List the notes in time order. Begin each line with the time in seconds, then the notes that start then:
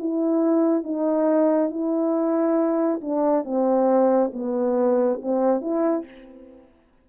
0.00 E4
0.84 D#4
1.71 E4
3.02 D4
3.45 C4
4.34 B3
5.23 C4
5.62 E4